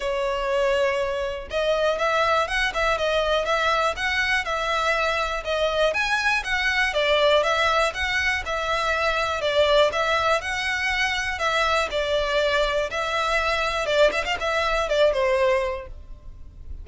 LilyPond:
\new Staff \with { instrumentName = "violin" } { \time 4/4 \tempo 4 = 121 cis''2. dis''4 | e''4 fis''8 e''8 dis''4 e''4 | fis''4 e''2 dis''4 | gis''4 fis''4 d''4 e''4 |
fis''4 e''2 d''4 | e''4 fis''2 e''4 | d''2 e''2 | d''8 e''16 f''16 e''4 d''8 c''4. | }